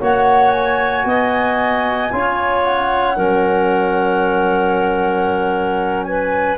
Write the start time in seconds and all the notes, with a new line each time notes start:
0.00 A#3 F#4 C#5 F#5
0.51 G#5
1.05 B3 D#5
2.12 C#4 F4 C#5
2.62 F#5
3.16 F#3 C#4 A#4
6.04 B4 G#5